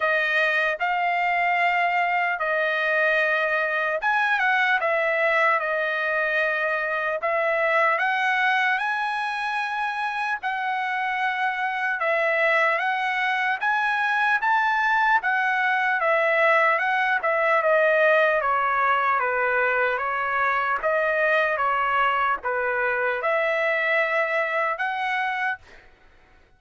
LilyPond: \new Staff \with { instrumentName = "trumpet" } { \time 4/4 \tempo 4 = 75 dis''4 f''2 dis''4~ | dis''4 gis''8 fis''8 e''4 dis''4~ | dis''4 e''4 fis''4 gis''4~ | gis''4 fis''2 e''4 |
fis''4 gis''4 a''4 fis''4 | e''4 fis''8 e''8 dis''4 cis''4 | b'4 cis''4 dis''4 cis''4 | b'4 e''2 fis''4 | }